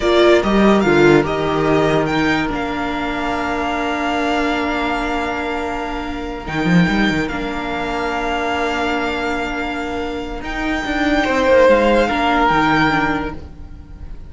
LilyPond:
<<
  \new Staff \with { instrumentName = "violin" } { \time 4/4 \tempo 4 = 144 d''4 dis''4 f''4 dis''4~ | dis''4 g''4 f''2~ | f''1~ | f''2.~ f''8 g''8~ |
g''4. f''2~ f''8~ | f''1~ | f''4 g''2. | f''2 g''2 | }
  \new Staff \with { instrumentName = "violin" } { \time 4/4 ais'1~ | ais'1~ | ais'1~ | ais'1~ |
ais'1~ | ais'1~ | ais'2. c''4~ | c''4 ais'2. | }
  \new Staff \with { instrumentName = "viola" } { \time 4/4 f'4 g'4 f'4 g'4~ | g'4 dis'4 d'2~ | d'1~ | d'2.~ d'8 dis'8~ |
dis'4. d'2~ d'8~ | d'1~ | d'4 dis'2.~ | dis'4 d'4 dis'4 d'4 | }
  \new Staff \with { instrumentName = "cello" } { \time 4/4 ais4 g4 d4 dis4~ | dis2 ais2~ | ais1~ | ais2.~ ais8 dis8 |
f8 g8 dis8 ais2~ ais8~ | ais1~ | ais4 dis'4 d'4 c'8 ais8 | gis4 ais4 dis2 | }
>>